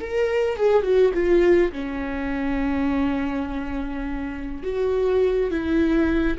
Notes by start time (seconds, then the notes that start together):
0.00 A#4
0.57 G#4
0.83 F#4
1.14 F4
1.72 C#4
4.63 F#4
5.50 E4